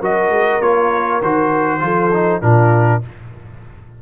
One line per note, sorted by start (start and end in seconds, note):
0.00 0.30 F#3
0.00 0.61 F#4
0.00 1.80 A#4
0.00 0.62 D#5
0.30 0.60 G#3
0.61 1.21 A#3
0.61 1.22 F4
0.61 1.22 C#5
1.21 1.81 D#3
1.21 1.79 F#4
1.21 2.41 C5
1.79 2.42 F3
1.79 2.10 F4
1.79 2.42 A4
2.13 2.42 D#4
2.41 3.02 A#2
2.41 3.02 D4
2.41 3.02 F4
2.41 3.01 A#4